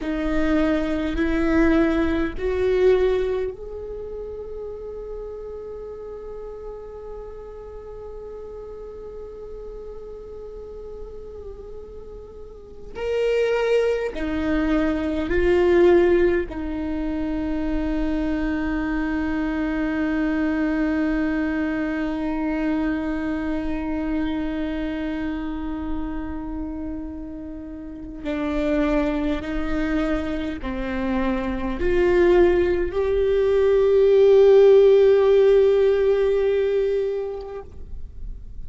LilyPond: \new Staff \with { instrumentName = "viola" } { \time 4/4 \tempo 4 = 51 dis'4 e'4 fis'4 gis'4~ | gis'1~ | gis'2. ais'4 | dis'4 f'4 dis'2~ |
dis'1~ | dis'1 | d'4 dis'4 c'4 f'4 | g'1 | }